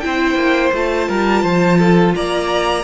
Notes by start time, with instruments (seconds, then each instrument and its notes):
0.00 cello C4, viola E4, violin C5 G5
0.35 cello A#3
0.73 cello A3, viola F4, violin A5
1.08 cello G3, violin A#4
1.43 cello F3, violin C5
1.79 violin A4
2.15 cello A#3, violin D5 A#5